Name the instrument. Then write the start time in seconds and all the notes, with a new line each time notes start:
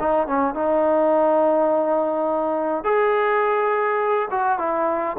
trombone
0.00 D#4
0.27 C#4
0.55 D#4
2.85 G#4
4.31 F#4
4.59 E4